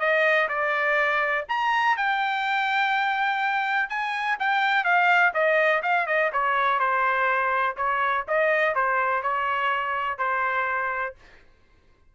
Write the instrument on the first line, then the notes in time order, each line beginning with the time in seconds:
trumpet
0.00 D#5
0.49 D5
1.48 A#5
1.97 G5
3.89 G#5
4.40 G5
4.84 F5
5.34 D#5
5.82 F5
6.07 D#5
6.32 C#5
6.79 C5
7.76 C#5
8.28 D#5
8.75 C5
9.22 C#5
10.18 C5